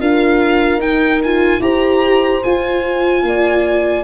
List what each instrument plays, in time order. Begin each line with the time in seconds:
0.00 tuba D4, viola F4, horn A#4, violin F5
0.77 tuba D#4, viola D#4, violin G5
1.23 viola F4, violin G#5
1.60 tuba E4, viola G4, horn C5, violin A#5
2.44 viola F4, tuba F4, violin G#5
3.23 tuba A#3, horn D5